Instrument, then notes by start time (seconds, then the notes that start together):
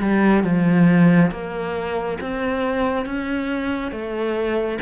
cello
0.00 G3
0.43 F3
1.31 A#3
2.21 C4
3.05 C#4
3.91 A3